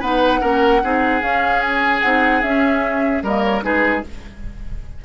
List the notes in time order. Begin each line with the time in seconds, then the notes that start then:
0.00 B3 D#4 B4 F#5
0.41 A#3 C#4 A#4
0.83 C4 D#4 G#4
1.21 C#4 F5
1.62 G#5
2.02 C4 D#4 F#5
2.42 C#4 E5
3.23 G3 A#3 A#4 D#5
3.43 C#5
3.62 G#3 D#4 G#4 B4